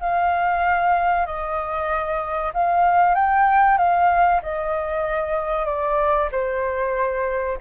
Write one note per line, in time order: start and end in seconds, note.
0.00 1.26 F5
1.26 2.52 D#5
2.53 3.15 F5
3.15 3.77 G5
3.77 4.40 F5
4.42 5.65 D#5
5.65 6.28 D5
6.31 7.58 C5